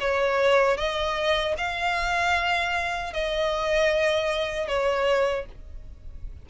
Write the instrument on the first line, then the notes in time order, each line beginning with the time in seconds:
violin
0.00 C#5
0.77 D#5
1.58 F5
3.13 D#5
4.68 C#5